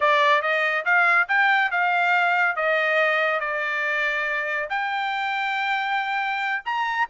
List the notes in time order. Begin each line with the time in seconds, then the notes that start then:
0.00 D5
0.41 D#5
0.85 F5
1.28 G5
1.71 F5
2.56 D#5
3.40 D5
4.69 G5
6.65 A#5